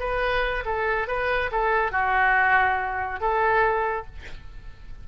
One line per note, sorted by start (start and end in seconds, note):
0.00 0.64 B4
0.65 1.08 A4
1.08 1.51 B4
1.52 1.92 A4
1.92 3.21 F#4
3.21 4.06 A4